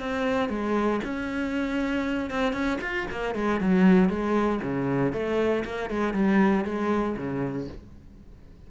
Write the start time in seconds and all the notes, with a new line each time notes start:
0.00 C4
0.49 G#3
1.04 C#4
2.30 C4
2.53 C#4
2.81 F4
3.10 A#3
3.35 G#3
3.60 F#3
4.09 G#3
4.62 C#3
5.13 A3
5.65 A#3
5.90 G#3
6.13 G3
6.65 G#3
7.17 C#3